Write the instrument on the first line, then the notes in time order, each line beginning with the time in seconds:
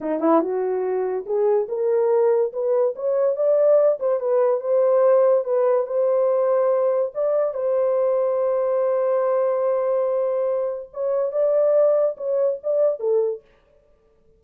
horn
0.01 D#4
0.20 E4
0.41 F#4
1.25 G#4
1.68 A#4
2.52 B4
2.95 C#5
3.36 D5
3.99 C5
4.20 B4
4.60 C5
5.44 B4
5.86 C5
7.14 D5
7.54 C5
10.93 C#5
11.32 D5
12.17 C#5
12.63 D5
12.99 A4